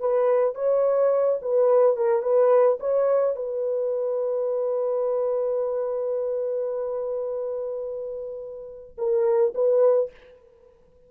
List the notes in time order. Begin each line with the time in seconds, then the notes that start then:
0.00 B4
0.55 C#5
1.42 B4
1.97 A#4
2.22 B4
2.80 C#5
3.36 B4
8.98 A#4
9.55 B4